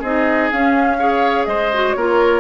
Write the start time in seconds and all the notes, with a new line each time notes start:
0.00 C4 D#4 G#4 D#5
0.51 C#4 F5
0.99 G#4 C#5
1.45 G#3 C5 D#5
1.73 F#4
1.93 A#3 F4 A#4 C#5